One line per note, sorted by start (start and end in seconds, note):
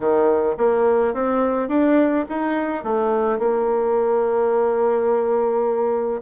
0.00 0.55 D#3
0.57 1.13 A#3
1.13 1.68 C4
1.68 2.25 D4
2.29 2.83 D#4
2.83 3.38 A3
3.38 6.21 A#3